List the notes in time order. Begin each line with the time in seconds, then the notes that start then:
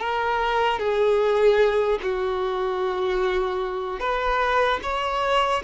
0.00 A#4
0.80 G#4
2.03 F#4
4.00 B4
4.83 C#5